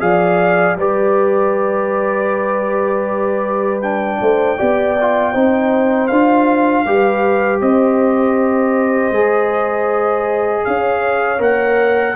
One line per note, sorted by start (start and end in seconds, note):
0.00 0.76 F3
0.00 0.76 G#4
0.00 0.78 D5
0.00 0.76 F5
0.76 4.18 G3
0.76 3.82 G4
0.76 4.20 B4
0.76 3.82 D5
3.82 4.58 D4
3.82 6.07 G5
4.20 4.59 A3
4.20 4.57 C5
4.57 5.35 B3
4.57 4.96 G4
4.57 5.32 D5
5.00 5.34 F4
5.32 6.10 C4
5.32 6.10 D#4
5.32 6.84 C5
6.07 6.86 D4
6.07 6.86 F4
6.07 7.59 F5
6.85 7.61 G3
6.85 9.13 G4
6.85 7.61 B4
7.61 9.11 C4
7.61 10.65 C5
7.61 10.65 D#5
9.11 10.63 G#3
9.11 11.38 G#4
10.65 11.39 C#4
10.65 12.16 C#5
10.65 11.41 F5
11.38 12.15 A#3
11.38 12.14 A#4
11.38 12.16 F#5